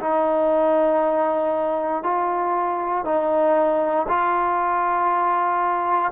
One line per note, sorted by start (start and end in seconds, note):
0.00 2.03 D#4
2.03 3.05 F4
3.05 4.07 D#4
4.09 6.12 F4